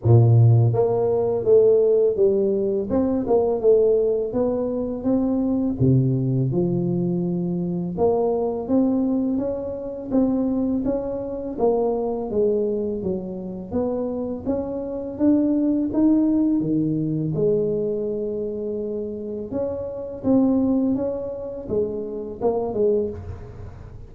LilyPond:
\new Staff \with { instrumentName = "tuba" } { \time 4/4 \tempo 4 = 83 ais,4 ais4 a4 g4 | c'8 ais8 a4 b4 c'4 | c4 f2 ais4 | c'4 cis'4 c'4 cis'4 |
ais4 gis4 fis4 b4 | cis'4 d'4 dis'4 dis4 | gis2. cis'4 | c'4 cis'4 gis4 ais8 gis8 | }